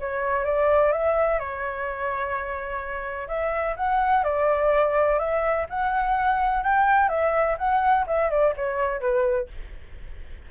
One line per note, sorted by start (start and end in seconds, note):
0.00 0.44 C#5
0.44 0.92 D5
0.92 1.39 E5
1.39 3.28 C#5
3.28 3.75 E5
3.76 4.23 F#5
4.23 5.18 D5
5.19 5.66 E5
5.69 6.63 F#5
6.63 7.09 G5
7.09 7.56 E5
7.58 8.05 F#5
8.06 8.30 E5
8.30 8.54 D5
8.56 9.00 C#5
9.00 9.48 B4